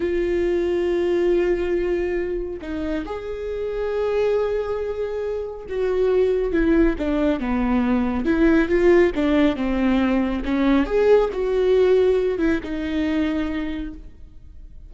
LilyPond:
\new Staff \with { instrumentName = "viola" } { \time 4/4 \tempo 4 = 138 f'1~ | f'2 dis'4 gis'4~ | gis'1~ | gis'4 fis'2 e'4 |
d'4 b2 e'4 | f'4 d'4 c'2 | cis'4 gis'4 fis'2~ | fis'8 e'8 dis'2. | }